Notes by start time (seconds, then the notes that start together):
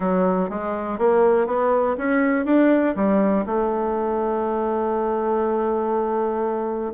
0.00 F#3
0.49 G#3
0.98 A#3
1.47 B3
1.97 C#4
2.45 D4
2.95 G3
3.46 A3